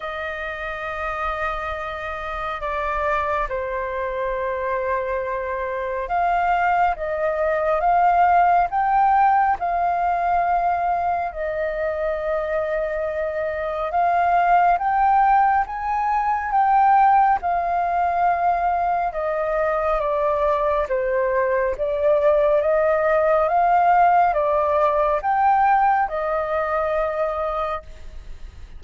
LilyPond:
\new Staff \with { instrumentName = "flute" } { \time 4/4 \tempo 4 = 69 dis''2. d''4 | c''2. f''4 | dis''4 f''4 g''4 f''4~ | f''4 dis''2. |
f''4 g''4 gis''4 g''4 | f''2 dis''4 d''4 | c''4 d''4 dis''4 f''4 | d''4 g''4 dis''2 | }